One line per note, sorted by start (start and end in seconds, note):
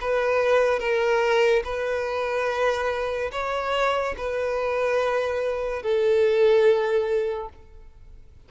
0.00 0.79 B4
0.79 1.62 A#4
1.64 3.31 B4
3.31 4.15 C#5
4.17 5.82 B4
5.82 7.49 A4